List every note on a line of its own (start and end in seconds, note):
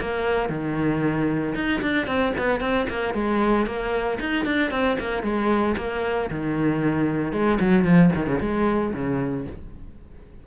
0.00 0.49 A#3
0.49 1.54 D#3
1.55 1.81 D#4
1.81 2.06 D4
2.06 2.33 C4
2.38 2.60 B3
2.60 2.86 C4
2.89 3.14 A#3
3.14 3.66 G#3
3.66 4.19 A#3
4.20 4.45 D#4
4.45 4.71 D4
4.71 4.97 C4
5.00 5.22 A#3
5.22 5.75 G#3
5.77 6.30 A#3
6.30 7.32 D#3
7.32 7.58 G#3
7.60 7.84 F#3
7.84 8.10 F3
8.15 8.26 D#3
8.26 8.39 C#3
8.40 8.93 G#3
8.93 9.46 C#3